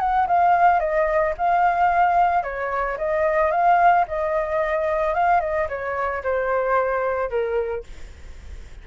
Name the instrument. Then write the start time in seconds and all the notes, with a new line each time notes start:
flute
0.00 F#5
0.28 F5
0.80 D#5
1.38 F5
2.43 C#5
2.98 D#5
3.51 F5
4.08 D#5
5.14 F5
5.41 D#5
5.69 C#5
6.23 C5
7.30 A#4